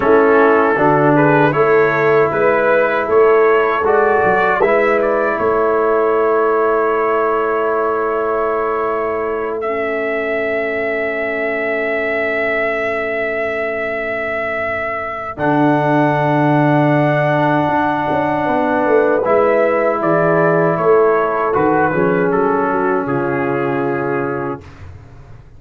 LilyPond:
<<
  \new Staff \with { instrumentName = "trumpet" } { \time 4/4 \tempo 4 = 78 a'4. b'8 cis''4 b'4 | cis''4 d''4 e''8 d''8 cis''4~ | cis''1~ | cis''8 e''2.~ e''8~ |
e''1 | fis''1~ | fis''4 e''4 d''4 cis''4 | b'4 a'4 gis'2 | }
  \new Staff \with { instrumentName = "horn" } { \time 4/4 e'4 fis'8 gis'8 a'4 b'4 | a'2 b'4 a'4~ | a'1~ | a'1~ |
a'1~ | a'1 | b'2 gis'4 a'4~ | a'8 gis'4 fis'8 f'2 | }
  \new Staff \with { instrumentName = "trombone" } { \time 4/4 cis'4 d'4 e'2~ | e'4 fis'4 e'2~ | e'1~ | e'8 cis'2.~ cis'8~ |
cis'1 | d'1~ | d'4 e'2. | fis'8 cis'2.~ cis'8 | }
  \new Staff \with { instrumentName = "tuba" } { \time 4/4 a4 d4 a4 gis4 | a4 gis8 fis8 gis4 a4~ | a1~ | a1~ |
a1 | d2. d'8 cis'8 | b8 a8 gis4 e4 a4 | dis8 f8 fis4 cis2 | }
>>